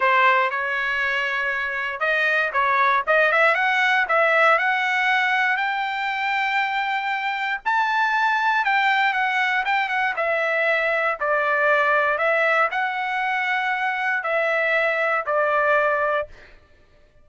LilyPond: \new Staff \with { instrumentName = "trumpet" } { \time 4/4 \tempo 4 = 118 c''4 cis''2. | dis''4 cis''4 dis''8 e''8 fis''4 | e''4 fis''2 g''4~ | g''2. a''4~ |
a''4 g''4 fis''4 g''8 fis''8 | e''2 d''2 | e''4 fis''2. | e''2 d''2 | }